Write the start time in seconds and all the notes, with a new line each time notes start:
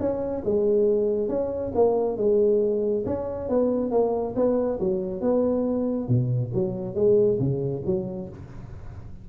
0.00 C#4
0.45 G#3
1.29 C#4
1.75 A#3
2.17 G#3
3.06 C#4
3.49 B3
3.92 A#3
4.36 B3
4.80 F#3
5.22 B3
6.08 B2
6.54 F#3
6.95 G#3
7.40 C#3
7.86 F#3